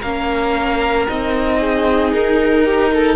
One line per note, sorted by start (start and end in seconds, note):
0.00 1.08 A#3
0.00 1.07 C#4
0.00 1.58 A#4
0.00 1.07 F5
1.07 2.13 C4
1.07 3.16 D#4
1.07 2.13 D#5
1.60 2.65 G#4
2.13 3.16 D#4
2.13 3.16 A#4
2.65 2.91 G4
2.94 3.16 A4